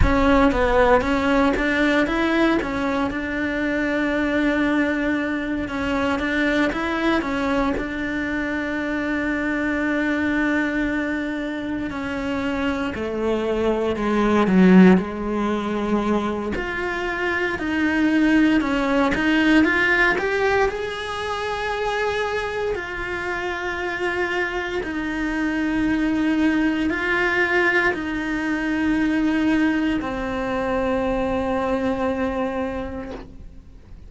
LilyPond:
\new Staff \with { instrumentName = "cello" } { \time 4/4 \tempo 4 = 58 cis'8 b8 cis'8 d'8 e'8 cis'8 d'4~ | d'4. cis'8 d'8 e'8 cis'8 d'8~ | d'2.~ d'8 cis'8~ | cis'8 a4 gis8 fis8 gis4. |
f'4 dis'4 cis'8 dis'8 f'8 g'8 | gis'2 f'2 | dis'2 f'4 dis'4~ | dis'4 c'2. | }